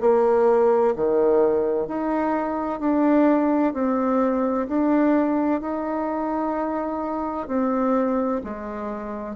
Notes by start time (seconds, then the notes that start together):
0.00 A#3
0.95 D#3
1.87 D#4
2.80 D4
3.73 C4
4.67 D4
5.61 D#4
7.47 C4
8.44 G#3